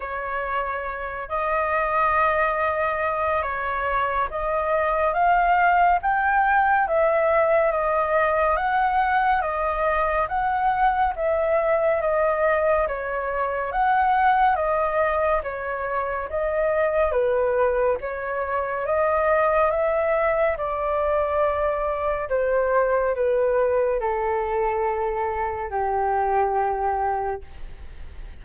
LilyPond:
\new Staff \with { instrumentName = "flute" } { \time 4/4 \tempo 4 = 70 cis''4. dis''2~ dis''8 | cis''4 dis''4 f''4 g''4 | e''4 dis''4 fis''4 dis''4 | fis''4 e''4 dis''4 cis''4 |
fis''4 dis''4 cis''4 dis''4 | b'4 cis''4 dis''4 e''4 | d''2 c''4 b'4 | a'2 g'2 | }